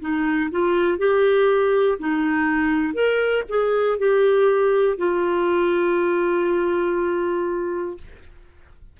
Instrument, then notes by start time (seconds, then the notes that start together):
clarinet
0.00 D#4
0.51 F4
0.98 G4
1.98 D#4
2.93 A#4
3.48 G#4
3.98 G4
4.98 F4